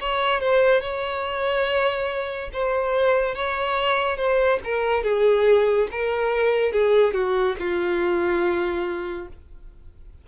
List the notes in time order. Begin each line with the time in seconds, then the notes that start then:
0.00 C#5
0.40 C5
0.81 C#5
2.53 C5
3.35 C#5
4.17 C5
4.64 A#4
5.03 G#4
5.91 A#4
6.72 G#4
7.13 F#4
7.59 F4